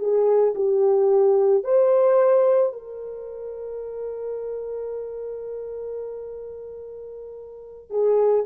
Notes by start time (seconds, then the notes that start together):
0.00 G#4
0.55 G4
1.64 C5
2.73 A#4
7.90 G#4